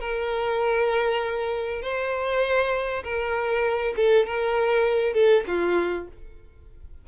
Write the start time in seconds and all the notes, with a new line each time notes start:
0.00 A#4
1.82 C5
3.04 A#4
3.96 A4
4.26 A#4
5.14 A4
5.47 F4